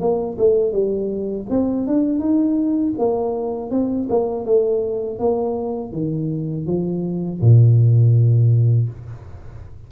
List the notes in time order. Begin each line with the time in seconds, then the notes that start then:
0.00 A#3
0.38 A3
0.72 G3
1.49 C4
1.87 D4
2.19 D#4
2.98 A#3
3.70 C4
4.09 A#3
4.45 A3
5.19 A#3
5.92 D#3
6.66 F3
7.41 A#2